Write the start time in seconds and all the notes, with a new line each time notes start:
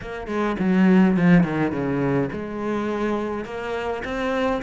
0.01 A#3
0.27 G#3
0.59 F#3
1.17 F3
1.43 D#3
1.72 C#3
2.32 G#3
3.45 A#3
4.04 C4